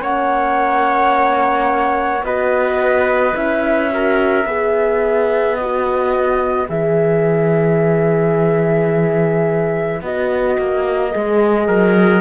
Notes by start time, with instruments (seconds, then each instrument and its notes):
0.00 cello A#3, horn C#4, trumpet C#5, flute F#5
2.23 cello B3, horn F#4, trumpet B4, flute D#5
3.34 cello C#4, horn E4, flute E5
3.90 horn F#4, trumpet A#4
4.45 cello B3, horn G#4, trumpet B4
5.56 horn F#4, flute D#5
6.69 cello E3, horn G#4, flute E5
10.02 cello B3, horn F#4, flute D#5
10.59 cello A#3
11.12 cello G#3, horn G#4
11.67 cello F#3, trumpet A#4